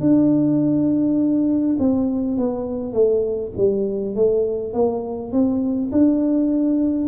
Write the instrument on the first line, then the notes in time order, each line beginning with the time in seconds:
tuba
0.00 D4
1.79 C4
2.37 B3
2.93 A3
3.57 G3
4.15 A3
4.73 A#3
5.32 C4
5.91 D4